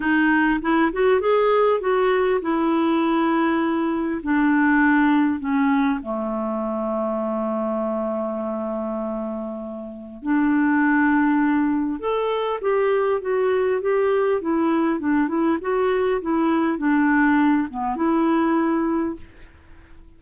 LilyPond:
\new Staff \with { instrumentName = "clarinet" } { \time 4/4 \tempo 4 = 100 dis'4 e'8 fis'8 gis'4 fis'4 | e'2. d'4~ | d'4 cis'4 a2~ | a1~ |
a4 d'2. | a'4 g'4 fis'4 g'4 | e'4 d'8 e'8 fis'4 e'4 | d'4. b8 e'2 | }